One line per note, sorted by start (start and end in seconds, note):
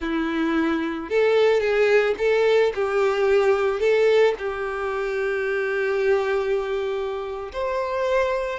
0.00 1.09 E4
1.09 1.60 A4
1.60 2.14 G#4
2.18 2.72 A4
2.74 3.80 G4
3.80 4.34 A4
4.38 7.51 G4
7.52 8.59 C5